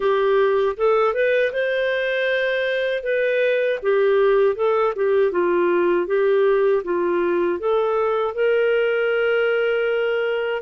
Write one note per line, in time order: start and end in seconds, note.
0.00 0.76 G4
0.77 1.14 A4
1.14 1.52 B4
1.52 3.03 C5
3.03 3.79 B4
3.82 4.55 G4
4.55 4.93 A4
4.95 5.31 G4
5.31 6.07 F4
6.07 6.83 G4
6.84 7.59 F4
7.59 8.34 A4
8.34 10.62 A#4